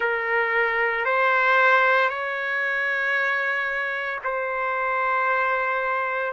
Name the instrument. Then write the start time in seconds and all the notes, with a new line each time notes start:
trumpet
0.00 A#4
1.05 C5
2.09 C#5
4.23 C5